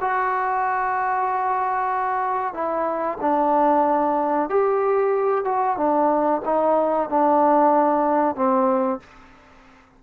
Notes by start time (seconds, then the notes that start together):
0.00 F#4
2.53 E4
3.21 D4
4.49 G4
5.44 F#4
5.77 D4
6.45 D#4
7.09 D4
8.35 C4